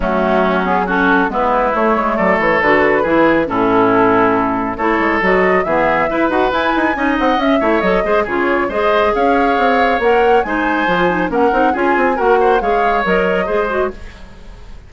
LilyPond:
<<
  \new Staff \with { instrumentName = "flute" } { \time 4/4 \tempo 4 = 138 fis'4. gis'8 a'4 b'4 | cis''4 d''8 cis''8 b'2 | a'2. cis''4 | dis''4 e''4. fis''8 gis''4~ |
gis''8 fis''8 e''4 dis''4 cis''4 | dis''4 f''2 fis''4 | gis''2 fis''4 gis''4 | fis''4 f''4 dis''2 | }
  \new Staff \with { instrumentName = "oboe" } { \time 4/4 cis'2 fis'4 e'4~ | e'4 a'2 gis'4 | e'2. a'4~ | a'4 gis'4 b'2 |
dis''4. cis''4 c''8 gis'4 | c''4 cis''2. | c''2 ais'4 gis'4 | ais'8 c''8 cis''2 c''4 | }
  \new Staff \with { instrumentName = "clarinet" } { \time 4/4 a4. b8 cis'4 b4 | a2 fis'4 e'4 | cis'2. e'4 | fis'4 b4 e'8 fis'8 e'4 |
dis'4 cis'8 e'8 a'8 gis'8 f'4 | gis'2. ais'4 | dis'4 f'8 dis'8 cis'8 dis'8 f'4 | fis'4 gis'4 ais'4 gis'8 fis'8 | }
  \new Staff \with { instrumentName = "bassoon" } { \time 4/4 fis2. gis4 | a8 gis8 fis8 e8 d4 e4 | a,2. a8 gis8 | fis4 e4 e'8 dis'8 e'8 dis'8 |
cis'8 c'8 cis'8 a8 fis8 gis8 cis4 | gis4 cis'4 c'4 ais4 | gis4 f4 ais8 c'8 cis'8 c'8 | ais4 gis4 fis4 gis4 | }
>>